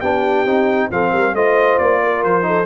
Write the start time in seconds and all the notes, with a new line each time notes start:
0.00 B3 D4 G4 G5
0.45 C4 D#4
0.90 F3 C4 A4 F5
1.11 G3 A#4
1.34 A3 F4 C5 D#5
1.78 A#3 D5
2.04 A#4
2.24 F3 C5
2.42 D#4 A4